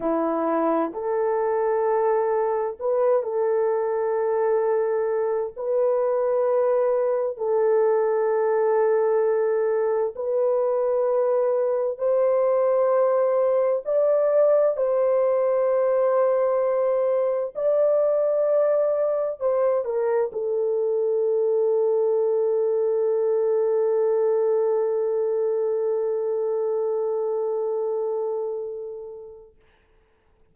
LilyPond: \new Staff \with { instrumentName = "horn" } { \time 4/4 \tempo 4 = 65 e'4 a'2 b'8 a'8~ | a'2 b'2 | a'2. b'4~ | b'4 c''2 d''4 |
c''2. d''4~ | d''4 c''8 ais'8 a'2~ | a'1~ | a'1 | }